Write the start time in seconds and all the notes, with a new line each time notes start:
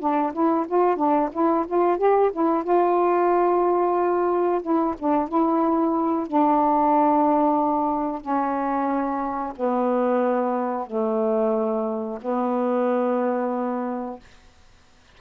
0.00 D4
0.33 E4
0.68 F4
0.97 D4
1.33 E4
1.68 F4
1.98 G4
2.33 E4
2.64 F4
4.62 E4
4.99 D4
5.29 E4
6.28 D4
8.22 C#4
9.57 B3
10.87 A3
12.22 B3